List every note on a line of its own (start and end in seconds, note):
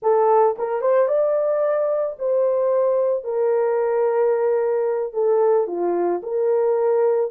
0.02 0.56 A4
0.58 0.81 A#4
0.81 1.08 C5
1.08 2.16 D5
2.19 3.24 C5
3.24 5.13 A#4
5.13 5.67 A4
5.67 6.21 F4
6.23 7.31 A#4